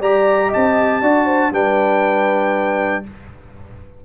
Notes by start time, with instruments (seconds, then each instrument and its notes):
0.00 tuba G3, trombone G4, horn D5, trumpet A#5
0.49 horn D#5, trumpet A5
0.56 tuba C4
1.02 tuba D4, trombone F#4, horn D5
1.25 horn C5
1.52 tuba G3, trombone D4, horn B4, trumpet G5